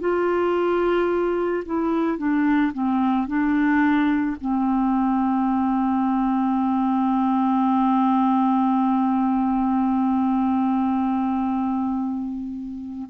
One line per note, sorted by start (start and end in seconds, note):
0.00 1.64 F4
1.66 2.18 E4
2.18 2.72 D4
2.73 3.27 C4
3.27 4.36 D4
4.41 13.10 C4